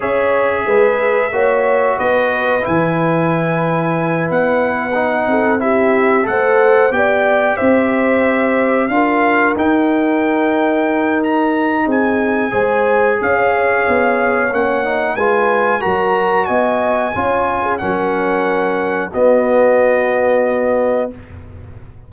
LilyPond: <<
  \new Staff \with { instrumentName = "trumpet" } { \time 4/4 \tempo 4 = 91 e''2. dis''4 | gis''2~ gis''8 fis''4.~ | fis''8 e''4 fis''4 g''4 e''8~ | e''4. f''4 g''4.~ |
g''4 ais''4 gis''2 | f''2 fis''4 gis''4 | ais''4 gis''2 fis''4~ | fis''4 dis''2. | }
  \new Staff \with { instrumentName = "horn" } { \time 4/4 cis''4 b'4 cis''4 b'4~ | b'1 | a'8 g'4 c''4 d''4 c''8~ | c''4. ais'2~ ais'8~ |
ais'2 gis'4 c''4 | cis''2. b'4 | ais'4 dis''4 cis''8. gis'16 ais'4~ | ais'4 fis'2. | }
  \new Staff \with { instrumentName = "trombone" } { \time 4/4 gis'2 fis'2 | e'2.~ e'8 dis'8~ | dis'8 e'4 a'4 g'4.~ | g'4. f'4 dis'4.~ |
dis'2. gis'4~ | gis'2 cis'8 dis'8 f'4 | fis'2 f'4 cis'4~ | cis'4 b2. | }
  \new Staff \with { instrumentName = "tuba" } { \time 4/4 cis'4 gis4 ais4 b4 | e2~ e8 b4. | c'4. a4 b4 c'8~ | c'4. d'4 dis'4.~ |
dis'2 c'4 gis4 | cis'4 b4 ais4 gis4 | fis4 b4 cis'4 fis4~ | fis4 b2. | }
>>